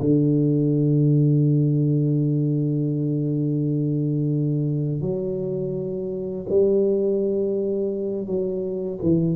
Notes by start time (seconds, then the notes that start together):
0.00 D3
5.01 F#3
6.50 G3
8.26 F#3
9.03 E3